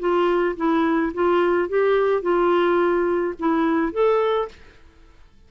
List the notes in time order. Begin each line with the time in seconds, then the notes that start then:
0.00 F4
0.57 E4
1.14 F4
1.69 G4
2.22 F4
3.40 E4
3.93 A4